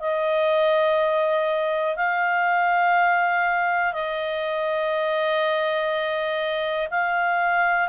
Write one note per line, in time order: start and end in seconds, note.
0.00 1.97 D#5
1.97 3.93 F5
3.93 6.88 D#5
6.91 7.89 F5